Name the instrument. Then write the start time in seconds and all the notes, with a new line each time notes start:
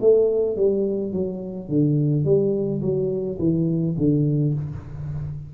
tuba
0.00 A3
0.56 G3
1.12 F#3
1.68 D3
2.24 G3
2.81 F#3
3.39 E3
3.97 D3